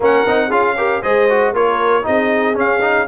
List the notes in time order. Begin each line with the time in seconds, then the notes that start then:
0.00 A#3 C#4 A#4 F#5
0.26 C4 D#4
0.48 C#4 F4 G#4 F5
0.77 G4 A#4
1.02 G#3 G#4 C5 D#5
1.29 F#4
1.52 A#3 F4 A#4 C#5
2.02 C4 D#4 G#4 D#5
2.54 C#4 F5
2.81 D#4